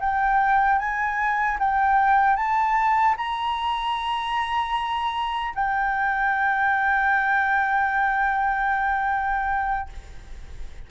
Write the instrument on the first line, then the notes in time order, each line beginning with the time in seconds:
flute
0.00 G5
0.79 G#5
1.59 G5
2.36 A5
3.17 A#5
5.55 G5